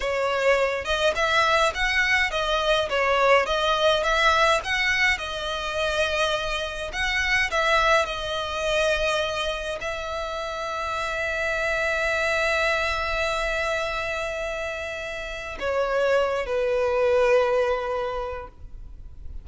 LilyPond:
\new Staff \with { instrumentName = "violin" } { \time 4/4 \tempo 4 = 104 cis''4. dis''8 e''4 fis''4 | dis''4 cis''4 dis''4 e''4 | fis''4 dis''2. | fis''4 e''4 dis''2~ |
dis''4 e''2.~ | e''1~ | e''2. cis''4~ | cis''8 b'2.~ b'8 | }